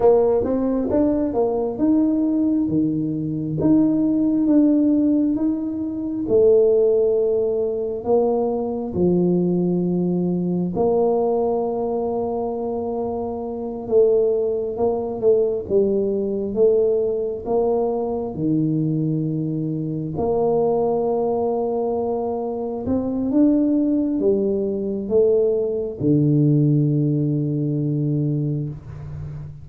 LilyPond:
\new Staff \with { instrumentName = "tuba" } { \time 4/4 \tempo 4 = 67 ais8 c'8 d'8 ais8 dis'4 dis4 | dis'4 d'4 dis'4 a4~ | a4 ais4 f2 | ais2.~ ais8 a8~ |
a8 ais8 a8 g4 a4 ais8~ | ais8 dis2 ais4.~ | ais4. c'8 d'4 g4 | a4 d2. | }